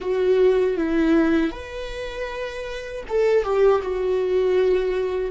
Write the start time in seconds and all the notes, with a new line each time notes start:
0.00 F#4
0.77 E4
1.51 B4
3.08 A4
3.43 G4
3.81 F#4